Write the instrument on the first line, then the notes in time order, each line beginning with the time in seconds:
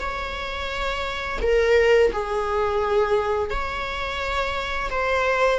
viola
0.00 C#5
1.42 A#4
2.13 G#4
3.50 C#5
4.91 C5